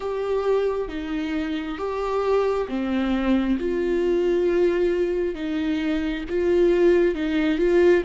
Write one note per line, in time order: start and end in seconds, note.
0.00 0.88 G4
0.88 1.77 D#4
1.77 2.67 G4
2.68 3.57 C4
3.59 5.34 F4
5.34 6.24 D#4
6.29 7.14 F4
7.14 7.58 D#4
7.58 8.02 F4